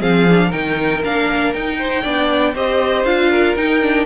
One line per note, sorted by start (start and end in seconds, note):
0.00 0.52 F3
0.00 0.26 C4
0.00 0.48 G#4
0.00 0.52 F5
0.29 0.52 D4
0.48 1.04 D#3
0.48 1.03 D#4
0.48 1.75 A#4
0.48 1.03 G5
1.04 1.54 A#3
1.04 1.55 D4
1.04 1.53 F5
1.53 2.05 D#4
1.53 2.04 D#4
1.53 2.55 G5
1.79 2.02 C5
2.02 2.55 B3
2.02 2.55 D4
2.02 2.53 D5
2.54 3.04 C4
2.54 3.06 G4
2.54 3.30 C5
2.54 3.05 D#5
3.04 3.55 D4
3.04 3.56 F4
3.04 3.56 F5
3.30 4.06 A#4
3.56 3.81 D#4
3.56 4.06 D#4
3.56 4.06 G5
3.81 4.06 D4